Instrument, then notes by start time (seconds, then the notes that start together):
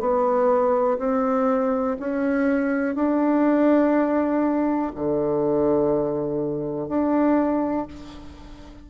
bassoon
0.00 B3
0.99 C4
2.00 C#4
2.96 D4
4.95 D3
6.89 D4